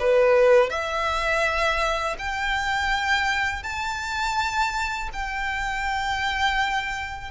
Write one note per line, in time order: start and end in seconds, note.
0.00 0.70 B4
0.70 2.16 E5
2.19 3.63 G5
3.63 5.10 A5
5.13 7.31 G5